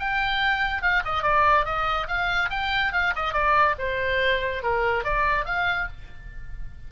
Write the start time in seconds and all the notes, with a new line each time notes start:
0.00 G5
0.82 F5
1.05 D#5
1.23 D5
1.65 D#5
2.08 F5
2.50 G5
2.93 F5
3.16 D#5
3.33 D5
3.79 C5
4.63 A#4
5.04 D5
5.46 F5